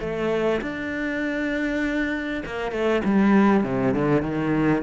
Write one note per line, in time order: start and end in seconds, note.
0.00 0.61 A3
0.61 2.43 D4
2.45 2.71 A#3
2.71 3.02 A3
3.04 3.63 G3
3.63 3.94 C3
3.94 4.22 D3
4.22 4.82 D#3